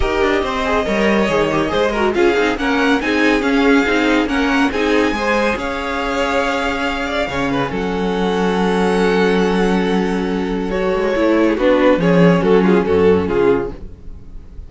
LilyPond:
<<
  \new Staff \with { instrumentName = "violin" } { \time 4/4 \tempo 4 = 140 dis''1~ | dis''4 f''4 fis''4 gis''4 | f''2 fis''4 gis''4~ | gis''4 f''2.~ |
f''2 fis''2~ | fis''1~ | fis''4 cis''2 b'4 | cis''4 a'8 gis'8 a'4 gis'4 | }
  \new Staff \with { instrumentName = "violin" } { \time 4/4 ais'4 c''4 cis''2 | c''8 ais'8 gis'4 ais'4 gis'4~ | gis'2 ais'4 gis'4 | c''4 cis''2.~ |
cis''8 d''8 cis''8 b'8 a'2~ | a'1~ | a'2~ a'8. gis'16 fis'4 | gis'4 fis'8 f'8 fis'4 f'4 | }
  \new Staff \with { instrumentName = "viola" } { \time 4/4 g'4. gis'8 ais'4 gis'8 g'8 | gis'8 fis'8 f'8 dis'8 cis'4 dis'4 | cis'4 dis'4 cis'4 dis'4 | gis'1~ |
gis'4 cis'2.~ | cis'1~ | cis'4 fis'4 e'4 d'4 | cis'1 | }
  \new Staff \with { instrumentName = "cello" } { \time 4/4 dis'8 d'8 c'4 g4 dis4 | gis4 cis'8 c'8 ais4 c'4 | cis'4 c'4 ais4 c'4 | gis4 cis'2.~ |
cis'4 cis4 fis2~ | fis1~ | fis4. gis8 a4 b4 | f4 fis4 fis,4 cis4 | }
>>